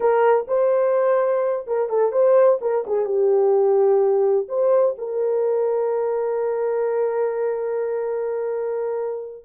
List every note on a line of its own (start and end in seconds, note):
0.00 0.46 A#4
0.47 1.65 C5
1.66 1.89 A#4
1.89 2.12 A4
2.12 2.59 C5
2.61 2.84 A#4
2.86 3.05 G#4
3.05 4.46 G4
4.48 4.95 C5
4.98 9.45 A#4